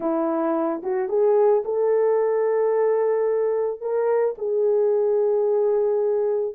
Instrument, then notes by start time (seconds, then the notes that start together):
horn
0.00 E4
0.82 F#4
1.08 G#4
1.65 A4
3.81 A#4
4.38 G#4